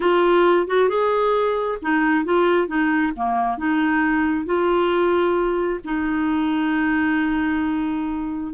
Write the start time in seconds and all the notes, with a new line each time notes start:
0.00 F4
0.67 F#4
0.89 G#4
1.82 D#4
2.24 F4
2.67 D#4
3.16 A#3
3.57 D#4
4.45 F4
5.84 D#4